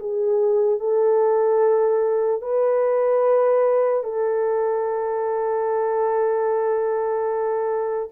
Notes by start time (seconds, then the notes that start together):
0.00 G#4
0.80 A4
2.42 B4
4.04 A4